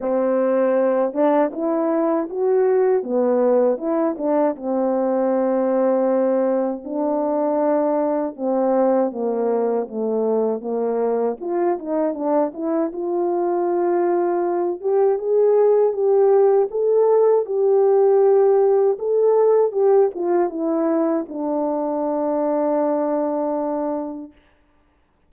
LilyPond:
\new Staff \with { instrumentName = "horn" } { \time 4/4 \tempo 4 = 79 c'4. d'8 e'4 fis'4 | b4 e'8 d'8 c'2~ | c'4 d'2 c'4 | ais4 a4 ais4 f'8 dis'8 |
d'8 e'8 f'2~ f'8 g'8 | gis'4 g'4 a'4 g'4~ | g'4 a'4 g'8 f'8 e'4 | d'1 | }